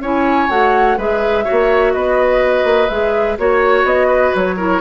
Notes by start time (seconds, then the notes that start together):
0.00 C#4 E4 C#5 G#5
0.49 A3 F#4 F#5
0.97 G#3 G#4 B4 E5
1.44 F#4 C#5
1.51 A#3
1.93 B3 B4 D#5
2.64 A#3
2.89 G#3 G#4 E5
3.38 A#3 F#4 C#5
3.84 B3 D#5
4.07 B4
4.35 F#3 C#5
4.57 E4 A#4